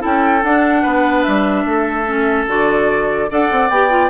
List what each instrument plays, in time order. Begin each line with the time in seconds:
0.00 bassoon C#4, clarinet E4, oboe A4, flute G5
0.44 bassoon D4, clarinet D4, flute F#5
0.83 bassoon B3, oboe B4
1.23 bassoon G3, flute E5
1.65 bassoon A3, oboe A4
2.07 clarinet C#4
2.48 bassoon D3, clarinet F#4, flute D5
3.30 bassoon D4, clarinet A4, oboe D5, flute F#5
3.52 bassoon C4
3.70 bassoon B3, clarinet G4, flute G5
3.90 clarinet F4